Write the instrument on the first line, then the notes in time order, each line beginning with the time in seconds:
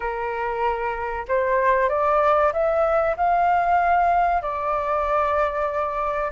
flute
0.00 A#4
1.28 C5
1.89 D5
2.52 E5
3.16 F5
4.42 D5